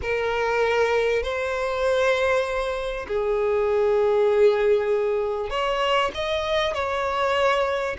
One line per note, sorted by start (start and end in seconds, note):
0.01 1.22 A#4
1.22 3.06 C5
3.07 5.50 G#4
5.50 6.11 C#5
6.14 6.73 D#5
6.73 7.96 C#5